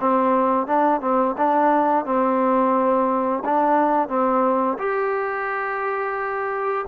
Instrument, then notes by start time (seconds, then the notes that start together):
trombone
0.00 C4
0.67 D4
1.01 C4
1.38 D4
2.05 C4
3.45 D4
4.08 C4
4.78 G4